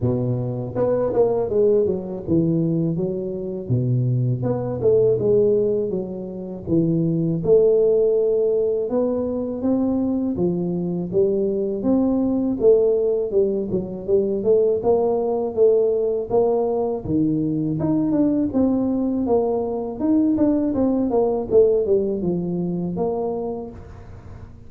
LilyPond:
\new Staff \with { instrumentName = "tuba" } { \time 4/4 \tempo 4 = 81 b,4 b8 ais8 gis8 fis8 e4 | fis4 b,4 b8 a8 gis4 | fis4 e4 a2 | b4 c'4 f4 g4 |
c'4 a4 g8 fis8 g8 a8 | ais4 a4 ais4 dis4 | dis'8 d'8 c'4 ais4 dis'8 d'8 | c'8 ais8 a8 g8 f4 ais4 | }